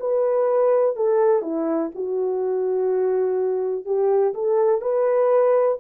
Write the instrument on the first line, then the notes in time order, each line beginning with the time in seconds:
horn
0.00 B4
0.96 A4
1.42 E4
1.94 F#4
3.85 G4
4.34 A4
4.81 B4